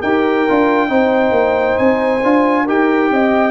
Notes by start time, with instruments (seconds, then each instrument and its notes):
0.00 tuba D#4, trombone G4, horn A#4, trumpet G5
0.49 tuba D4, trombone F4
0.89 tuba C4, trombone D#4, horn C5
1.31 tuba A#3
1.78 tuba C4, trumpet G#5
2.24 tuba D4, trombone F4
2.65 tuba D#4, trombone G4, horn A#4, trumpet G5
3.11 tuba C4, horn D#5